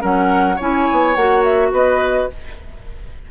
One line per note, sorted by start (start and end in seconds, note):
0.00 0.59 F#3
0.00 0.56 C#4
0.00 0.56 A#4
0.00 0.60 F#5
0.56 0.89 C#4
0.56 1.17 E4
0.56 1.68 C#5
0.56 1.16 G#5
0.92 1.17 B3
1.16 1.72 A#3
1.16 2.30 F#4
1.16 1.44 F#5
1.44 1.72 E5
1.72 2.28 B3
1.72 2.30 B4
1.72 2.31 D#5